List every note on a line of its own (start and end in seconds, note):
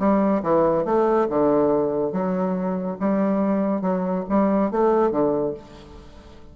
0.00 0.43 G3
0.43 0.85 E3
0.85 1.28 A3
1.30 2.13 D3
2.13 2.98 F#3
3.00 3.82 G3
3.82 4.25 F#3
4.30 4.71 G3
4.71 5.12 A3
5.12 5.54 D3